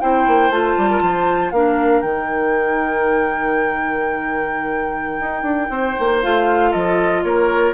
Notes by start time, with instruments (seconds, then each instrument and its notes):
0.00 bassoon C4, clarinet E4, oboe C5, flute G5
0.27 bassoon A#3
0.49 bassoon A3, clarinet F4, flute A5
0.77 bassoon G3
0.90 oboe A#4
1.01 bassoon F3, oboe C5
1.50 bassoon A#3, clarinet D4, oboe A#4, flute F5
2.01 bassoon D#3, clarinet D#4, flute G5
5.20 bassoon D#4
5.42 bassoon D4
5.69 bassoon C4, oboe C5
5.99 bassoon A#3
6.22 bassoon A3, clarinet F4, flute F5
6.70 bassoon F3, oboe A4, flute D#5
7.23 bassoon A#3, oboe A#4, flute C#5